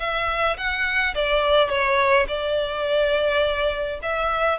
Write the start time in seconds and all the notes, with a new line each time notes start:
0.00 E5
0.58 F#5
1.15 D5
1.70 C#5
2.29 D5
4.03 E5